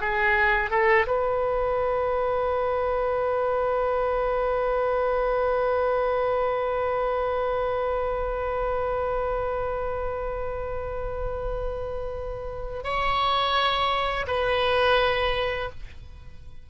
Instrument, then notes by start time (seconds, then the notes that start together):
oboe
0.00 G#4
0.70 A4
1.06 B4
12.83 C#5
14.27 B4